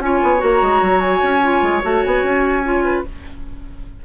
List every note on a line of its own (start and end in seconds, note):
0.00 0.20 C#4
0.00 0.38 F4
0.00 2.85 C#5
0.00 0.42 G#5
0.23 0.43 B3
0.38 0.62 A#3
0.38 1.40 F#4
0.38 1.01 A#5
0.62 0.82 G#3
0.82 1.22 F#3
1.01 1.82 G#5
1.23 1.63 C#4
1.43 1.83 F4
1.63 1.83 G#3
1.83 2.05 A3
1.83 2.64 F#4
1.83 2.04 A5
2.04 2.24 B3
2.04 3.05 G#5
2.24 3.05 C#4
2.64 3.05 F4
2.85 3.05 B4